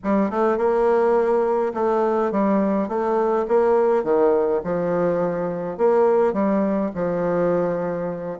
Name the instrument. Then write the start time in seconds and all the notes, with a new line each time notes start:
bassoon
0.03 G3
0.30 A3
0.57 A#3
1.74 A3
2.31 G3
2.88 A3
3.48 A#3
4.03 D#3
4.63 F3
5.77 A#3
6.33 G3
6.95 F3